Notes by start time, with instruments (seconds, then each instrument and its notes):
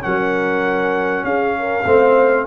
0.00 tuba F#3, trombone C#4, horn A#4, trumpet F#5
1.24 tuba C#4, horn G#4, trumpet F5
1.59 horn A#4
1.84 tuba A3, trombone C4, horn C5